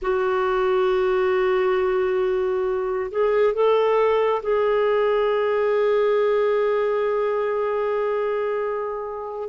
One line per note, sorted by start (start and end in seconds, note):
0.02 3.10 F#4
3.11 3.53 G#4
3.53 4.42 A4
4.42 9.49 G#4